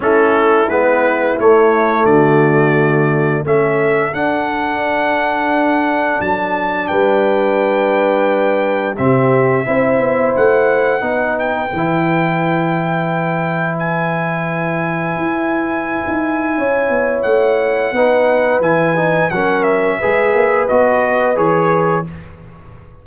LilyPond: <<
  \new Staff \with { instrumentName = "trumpet" } { \time 4/4 \tempo 4 = 87 a'4 b'4 cis''4 d''4~ | d''4 e''4 fis''2~ | fis''4 a''4 g''2~ | g''4 e''2 fis''4~ |
fis''8 g''2.~ g''8 | gis''1~ | gis''4 fis''2 gis''4 | fis''8 e''4. dis''4 cis''4 | }
  \new Staff \with { instrumentName = "horn" } { \time 4/4 e'2. fis'4~ | fis'4 a'2.~ | a'2 b'2~ | b'4 g'4 c''2 |
b'1~ | b'1 | cis''2 b'2 | ais'4 b'2. | }
  \new Staff \with { instrumentName = "trombone" } { \time 4/4 cis'4 b4 a2~ | a4 cis'4 d'2~ | d'1~ | d'4 c'4 e'2 |
dis'4 e'2.~ | e'1~ | e'2 dis'4 e'8 dis'8 | cis'4 gis'4 fis'4 gis'4 | }
  \new Staff \with { instrumentName = "tuba" } { \time 4/4 a4 gis4 a4 d4~ | d4 a4 d'2~ | d'4 fis4 g2~ | g4 c4 c'8 b8 a4 |
b4 e2.~ | e2 e'4~ e'16 dis'8. | cis'8 b8 a4 b4 e4 | fis4 gis8 ais8 b4 e4 | }
>>